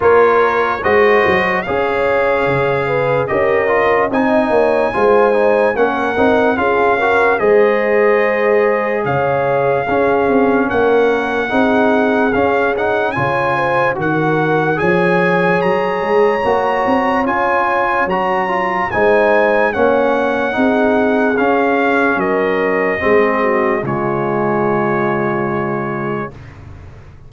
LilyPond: <<
  \new Staff \with { instrumentName = "trumpet" } { \time 4/4 \tempo 4 = 73 cis''4 dis''4 f''2 | dis''4 gis''2 fis''4 | f''4 dis''2 f''4~ | f''4 fis''2 f''8 fis''8 |
gis''4 fis''4 gis''4 ais''4~ | ais''4 gis''4 ais''4 gis''4 | fis''2 f''4 dis''4~ | dis''4 cis''2. | }
  \new Staff \with { instrumentName = "horn" } { \time 4/4 ais'4 c''4 cis''4. b'8 | ais'4 dis''8 cis''8 c''4 ais'4 | gis'8 ais'8 c''2 cis''4 | gis'4 ais'4 gis'2 |
cis''8 c''8 ais'4 cis''2~ | cis''2. c''4 | cis''4 gis'2 ais'4 | gis'8 fis'8 f'2. | }
  \new Staff \with { instrumentName = "trombone" } { \time 4/4 f'4 fis'4 gis'2 | g'8 f'8 dis'4 f'8 dis'8 cis'8 dis'8 | f'8 fis'8 gis'2. | cis'2 dis'4 cis'8 dis'8 |
f'4 fis'4 gis'2 | fis'4 f'4 fis'8 f'8 dis'4 | cis'4 dis'4 cis'2 | c'4 gis2. | }
  \new Staff \with { instrumentName = "tuba" } { \time 4/4 ais4 gis8 fis8 cis'4 cis4 | cis'4 c'8 ais8 gis4 ais8 c'8 | cis'4 gis2 cis4 | cis'8 c'8 ais4 c'4 cis'4 |
cis4 dis4 f4 fis8 gis8 | ais8 c'8 cis'4 fis4 gis4 | ais4 c'4 cis'4 fis4 | gis4 cis2. | }
>>